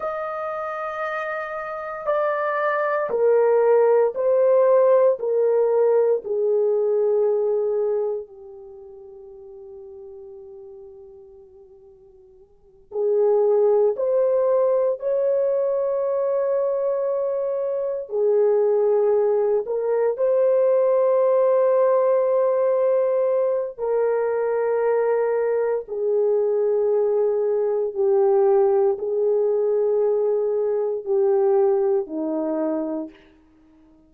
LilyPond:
\new Staff \with { instrumentName = "horn" } { \time 4/4 \tempo 4 = 58 dis''2 d''4 ais'4 | c''4 ais'4 gis'2 | g'1~ | g'8 gis'4 c''4 cis''4.~ |
cis''4. gis'4. ais'8 c''8~ | c''2. ais'4~ | ais'4 gis'2 g'4 | gis'2 g'4 dis'4 | }